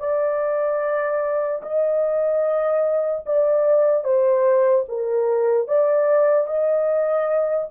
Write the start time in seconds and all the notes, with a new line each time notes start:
0.00 D5
1.63 D#5
3.26 D5
4.04 C5
4.89 A#4
5.68 D5
6.47 D#5